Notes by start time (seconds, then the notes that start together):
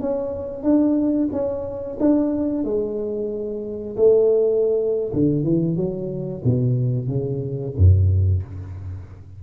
0.00 C#4
0.63 D4
1.32 C#4
2.00 D4
2.64 G#3
3.96 A3
5.13 D3
5.43 E3
5.76 F#3
6.44 B2
7.07 C#3
7.77 F#2